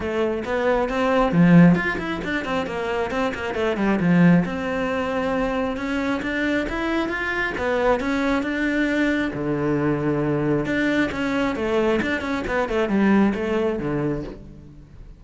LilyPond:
\new Staff \with { instrumentName = "cello" } { \time 4/4 \tempo 4 = 135 a4 b4 c'4 f4 | f'8 e'8 d'8 c'8 ais4 c'8 ais8 | a8 g8 f4 c'2~ | c'4 cis'4 d'4 e'4 |
f'4 b4 cis'4 d'4~ | d'4 d2. | d'4 cis'4 a4 d'8 cis'8 | b8 a8 g4 a4 d4 | }